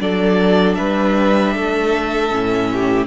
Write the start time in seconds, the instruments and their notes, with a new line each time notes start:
0.00 cello F#3, viola D4, violin A4 D5
0.75 cello G3, violin B4 E5
1.54 cello A3, violin A4
2.31 cello A2, viola C#4
2.73 violin G4